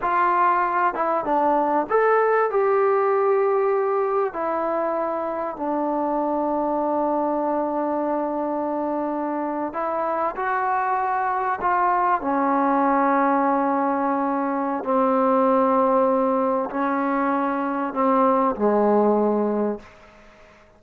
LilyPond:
\new Staff \with { instrumentName = "trombone" } { \time 4/4 \tempo 4 = 97 f'4. e'8 d'4 a'4 | g'2. e'4~ | e'4 d'2.~ | d'2.~ d'8. e'16~ |
e'8. fis'2 f'4 cis'16~ | cis'1 | c'2. cis'4~ | cis'4 c'4 gis2 | }